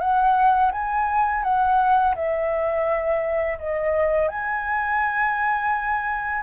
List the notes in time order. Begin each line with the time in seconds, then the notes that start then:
0.00 F#5
0.72 G#5
1.43 F#5
2.16 E5
3.59 D#5
4.28 G#5